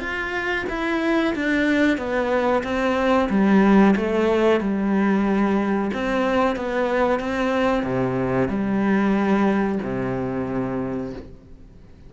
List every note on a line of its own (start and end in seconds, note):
0.00 0.65 F4
0.69 1.34 E4
1.35 1.97 D4
1.97 2.63 B3
2.64 3.29 C4
3.30 3.95 G3
3.96 4.60 A3
4.60 5.91 G3
5.93 6.56 C4
6.56 7.20 B3
7.20 7.83 C4
7.83 8.48 C3
8.48 9.79 G3
9.83 11.13 C3